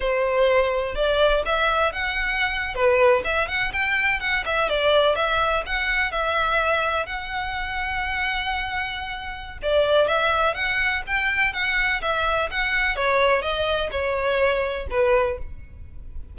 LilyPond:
\new Staff \with { instrumentName = "violin" } { \time 4/4 \tempo 4 = 125 c''2 d''4 e''4 | fis''4.~ fis''16 b'4 e''8 fis''8 g''16~ | g''8. fis''8 e''8 d''4 e''4 fis''16~ | fis''8. e''2 fis''4~ fis''16~ |
fis''1 | d''4 e''4 fis''4 g''4 | fis''4 e''4 fis''4 cis''4 | dis''4 cis''2 b'4 | }